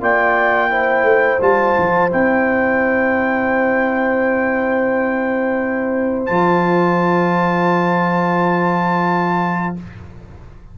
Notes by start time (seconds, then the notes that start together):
0.00 A#3 F4 D5 G5
0.69 E4 C5
1.03 A3
1.41 G3 F4 A5
1.78 F3
2.10 C4 E4 G5
6.25 F3 F4 A5